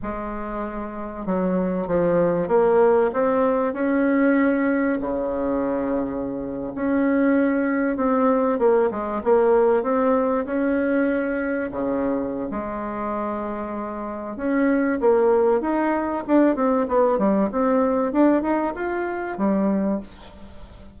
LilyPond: \new Staff \with { instrumentName = "bassoon" } { \time 4/4 \tempo 4 = 96 gis2 fis4 f4 | ais4 c'4 cis'2 | cis2~ cis8. cis'4~ cis'16~ | cis'8. c'4 ais8 gis8 ais4 c'16~ |
c'8. cis'2 cis4~ cis16 | gis2. cis'4 | ais4 dis'4 d'8 c'8 b8 g8 | c'4 d'8 dis'8 f'4 g4 | }